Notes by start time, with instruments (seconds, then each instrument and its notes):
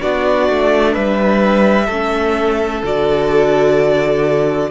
0.00 cello B3, viola D4, violin F#4 D5
0.49 cello A3
0.93 cello G3, violin B4 E5
1.86 cello A3, viola C#4, violin A4
2.83 cello D3, viola F#4, violin D5